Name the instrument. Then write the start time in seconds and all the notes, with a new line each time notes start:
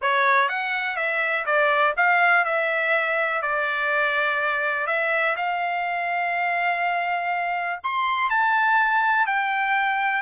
trumpet
0.01 C#5
0.48 F#5
0.96 E5
1.45 D5
1.96 F5
2.44 E5
3.41 D5
4.86 E5
5.36 F5
7.83 C6
8.30 A5
9.26 G5